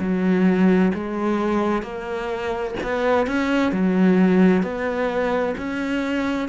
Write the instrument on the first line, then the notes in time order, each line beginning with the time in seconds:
cello
0.00 F#3
0.94 G#3
1.83 A#3
2.84 B3
3.27 C#4
3.72 F#3
4.63 B3
5.58 C#4